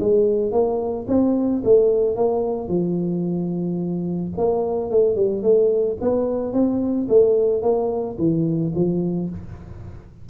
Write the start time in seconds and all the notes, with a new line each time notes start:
0.00 G#3
0.52 A#3
1.08 C4
1.65 A3
2.16 A#3
2.69 F3
4.38 A#3
4.91 A3
5.16 G3
5.43 A3
6.01 B3
6.53 C4
7.09 A3
7.63 A#3
8.19 E3
8.75 F3